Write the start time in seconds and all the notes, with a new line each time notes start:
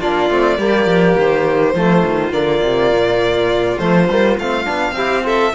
0.00 A#3 D4 F4 D5
0.30 A3 C4
0.58 G3 A#3 G4
0.86 F3
1.18 D#3 C5
1.74 F3 A3 F4
2.06 D#3
2.32 D3 A#3 D5
2.63 C3
2.92 A#2
3.79 F3 A3 C5
4.08 G3 A#3
4.38 A3 C4 F5
4.65 B3 D4
4.92 C4 E4 G4
5.23 F4 A4 E5